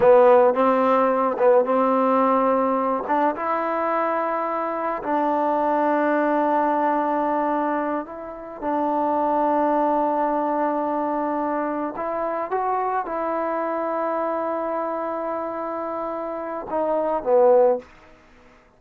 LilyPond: \new Staff \with { instrumentName = "trombone" } { \time 4/4 \tempo 4 = 108 b4 c'4. b8 c'4~ | c'4. d'8 e'2~ | e'4 d'2.~ | d'2~ d'8 e'4 d'8~ |
d'1~ | d'4. e'4 fis'4 e'8~ | e'1~ | e'2 dis'4 b4 | }